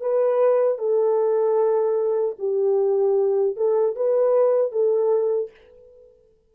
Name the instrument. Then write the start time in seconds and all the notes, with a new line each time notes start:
horn
0.00 B4
0.78 A4
2.38 G4
3.56 A4
3.95 B4
4.71 A4